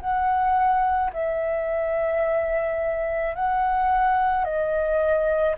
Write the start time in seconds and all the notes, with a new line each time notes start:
0.00 F#5
1.13 E5
3.35 F#5
4.44 D#5